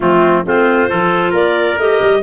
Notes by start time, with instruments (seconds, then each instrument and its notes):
0.00 tuba F3, clarinet A3 F4, trumpet C4
0.45 tuba A3, clarinet C4 C5, trumpet F4
0.88 tuba F3, clarinet F4, trumpet A4
1.31 tuba A#3, trumpet A#4, clarinet D5
1.77 tuba A3, clarinet G4 D#5
2.01 tuba G3